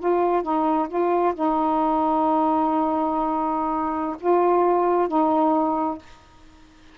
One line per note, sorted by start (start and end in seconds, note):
0.00 0.43 F4
0.43 0.88 D#4
0.89 1.34 F4
1.35 4.17 D#4
4.21 5.09 F4
5.09 5.99 D#4